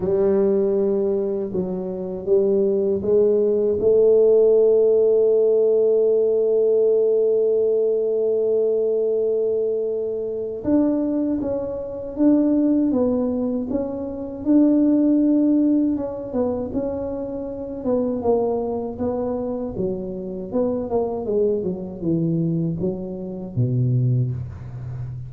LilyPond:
\new Staff \with { instrumentName = "tuba" } { \time 4/4 \tempo 4 = 79 g2 fis4 g4 | gis4 a2.~ | a1~ | a2 d'4 cis'4 |
d'4 b4 cis'4 d'4~ | d'4 cis'8 b8 cis'4. b8 | ais4 b4 fis4 b8 ais8 | gis8 fis8 e4 fis4 b,4 | }